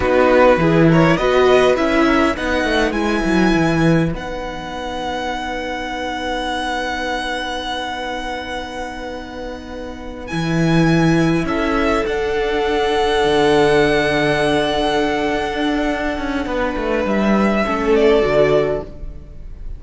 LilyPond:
<<
  \new Staff \with { instrumentName = "violin" } { \time 4/4 \tempo 4 = 102 b'4. cis''8 dis''4 e''4 | fis''4 gis''2 fis''4~ | fis''1~ | fis''1~ |
fis''4. gis''2 e''8~ | e''8 fis''2.~ fis''8~ | fis''1~ | fis''4 e''4. d''4. | }
  \new Staff \with { instrumentName = "violin" } { \time 4/4 fis'4 gis'8 ais'8 b'4. ais'8 | b'1~ | b'1~ | b'1~ |
b'2.~ b'8 a'8~ | a'1~ | a'1 | b'2 a'2 | }
  \new Staff \with { instrumentName = "viola" } { \time 4/4 dis'4 e'4 fis'4 e'4 | dis'4 e'2 dis'4~ | dis'1~ | dis'1~ |
dis'4. e'2~ e'8~ | e'8 d'2.~ d'8~ | d'1~ | d'2 cis'4 fis'4 | }
  \new Staff \with { instrumentName = "cello" } { \time 4/4 b4 e4 b4 cis'4 | b8 a8 gis8 fis8 e4 b4~ | b1~ | b1~ |
b4. e2 cis'8~ | cis'8 d'2 d4.~ | d2 d'4. cis'8 | b8 a8 g4 a4 d4 | }
>>